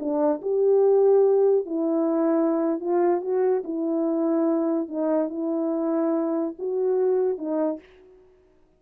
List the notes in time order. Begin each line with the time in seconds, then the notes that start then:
0.00 D4
0.42 G4
1.66 E4
2.80 F4
3.22 F#4
3.65 E4
4.89 D#4
5.30 E4
6.59 F#4
7.38 D#4